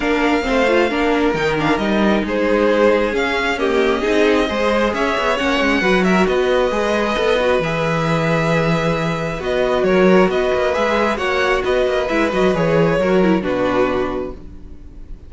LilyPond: <<
  \new Staff \with { instrumentName = "violin" } { \time 4/4 \tempo 4 = 134 f''2. g''8 f''8 | dis''4 c''2 f''4 | dis''2. e''4 | fis''4. e''8 dis''2~ |
dis''4 e''2.~ | e''4 dis''4 cis''4 dis''4 | e''4 fis''4 dis''4 e''8 dis''8 | cis''2 b'2 | }
  \new Staff \with { instrumentName = "violin" } { \time 4/4 ais'4 c''4 ais'2~ | ais'4 gis'2. | g'4 gis'4 c''4 cis''4~ | cis''4 b'8 ais'8 b'2~ |
b'1~ | b'2 ais'4 b'4~ | b'4 cis''4 b'2~ | b'4 ais'4 fis'2 | }
  \new Staff \with { instrumentName = "viola" } { \time 4/4 d'4 c'8 f'8 d'4 dis'8 d'8 | dis'2. cis'4 | ais4 dis'4 gis'2 | cis'4 fis'2 gis'4 |
a'8 fis'8 gis'2.~ | gis'4 fis'2. | gis'4 fis'2 e'8 fis'8 | gis'4 fis'8 e'8 d'2 | }
  \new Staff \with { instrumentName = "cello" } { \time 4/4 ais4 a4 ais4 dis4 | g4 gis2 cis'4~ | cis'4 c'4 gis4 cis'8 b8 | ais8 gis8 fis4 b4 gis4 |
b4 e2.~ | e4 b4 fis4 b8 ais8 | gis4 ais4 b8 ais8 gis8 fis8 | e4 fis4 b,2 | }
>>